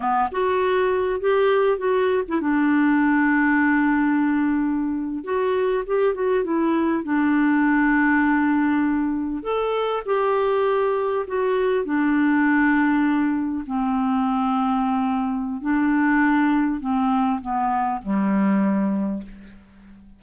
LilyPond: \new Staff \with { instrumentName = "clarinet" } { \time 4/4 \tempo 4 = 100 b8 fis'4. g'4 fis'8. e'16 | d'1~ | d'8. fis'4 g'8 fis'8 e'4 d'16~ | d'2.~ d'8. a'16~ |
a'8. g'2 fis'4 d'16~ | d'2~ d'8. c'4~ c'16~ | c'2 d'2 | c'4 b4 g2 | }